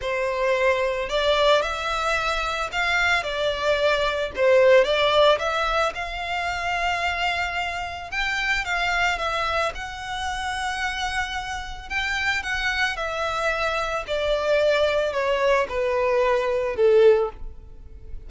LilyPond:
\new Staff \with { instrumentName = "violin" } { \time 4/4 \tempo 4 = 111 c''2 d''4 e''4~ | e''4 f''4 d''2 | c''4 d''4 e''4 f''4~ | f''2. g''4 |
f''4 e''4 fis''2~ | fis''2 g''4 fis''4 | e''2 d''2 | cis''4 b'2 a'4 | }